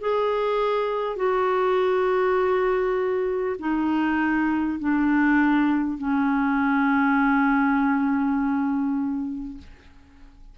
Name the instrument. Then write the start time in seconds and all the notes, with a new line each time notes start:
clarinet
0.00 G#4
1.16 F#4
3.59 D#4
4.79 D4
5.98 C#4